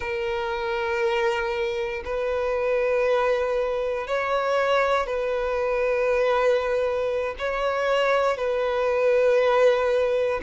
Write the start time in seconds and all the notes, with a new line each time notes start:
0.00 A#4
2.04 B4
4.07 C#5
5.06 B4
7.38 C#5
8.37 B4